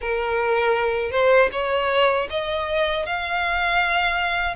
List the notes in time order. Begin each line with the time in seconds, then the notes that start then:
0.01 A#4
1.11 C5
1.52 C#5
2.30 D#5
3.06 F5